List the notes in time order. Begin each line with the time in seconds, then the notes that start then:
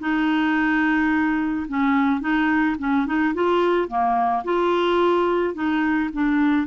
0.00 D#4
1.68 C#4
2.21 D#4
2.79 C#4
3.06 D#4
3.34 F4
3.88 A#3
4.44 F4
5.54 D#4
6.13 D4